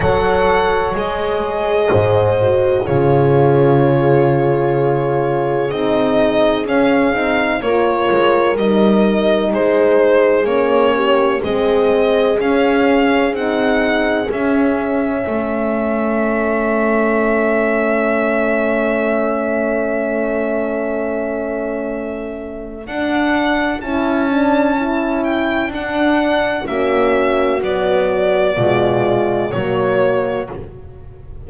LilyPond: <<
  \new Staff \with { instrumentName = "violin" } { \time 4/4 \tempo 4 = 63 fis''4 dis''2 cis''4~ | cis''2 dis''4 f''4 | cis''4 dis''4 c''4 cis''4 | dis''4 f''4 fis''4 e''4~ |
e''1~ | e''1 | fis''4 a''4. g''8 fis''4 | e''4 d''2 cis''4 | }
  \new Staff \with { instrumentName = "horn" } { \time 4/4 cis''2 c''4 gis'4~ | gis'1 | ais'2 gis'4. g'8 | gis'1 |
a'1~ | a'1~ | a'1 | fis'2 f'4 fis'4 | }
  \new Staff \with { instrumentName = "horn" } { \time 4/4 a'4 gis'4. fis'8 f'4~ | f'2 dis'4 cis'8 dis'8 | f'4 dis'2 cis'4 | c'4 cis'4 dis'4 cis'4~ |
cis'1~ | cis'1 | d'4 e'8 d'8 e'4 d'4 | cis'4 fis4 gis4 ais4 | }
  \new Staff \with { instrumentName = "double bass" } { \time 4/4 fis4 gis4 gis,4 cis4~ | cis2 c'4 cis'8 c'8 | ais8 gis8 g4 gis4 ais4 | gis4 cis'4 c'4 cis'4 |
a1~ | a1 | d'4 cis'2 d'4 | ais4 b4 b,4 fis4 | }
>>